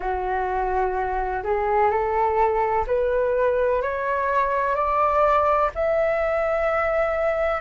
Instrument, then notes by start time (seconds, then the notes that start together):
flute
0.00 F#4
1.43 G#4
1.90 A4
2.86 B4
3.82 C#5
4.74 D5
5.74 E5